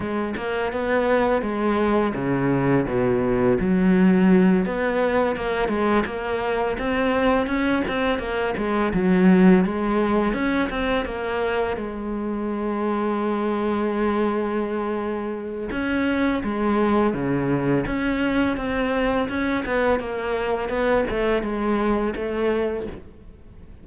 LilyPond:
\new Staff \with { instrumentName = "cello" } { \time 4/4 \tempo 4 = 84 gis8 ais8 b4 gis4 cis4 | b,4 fis4. b4 ais8 | gis8 ais4 c'4 cis'8 c'8 ais8 | gis8 fis4 gis4 cis'8 c'8 ais8~ |
ais8 gis2.~ gis8~ | gis2 cis'4 gis4 | cis4 cis'4 c'4 cis'8 b8 | ais4 b8 a8 gis4 a4 | }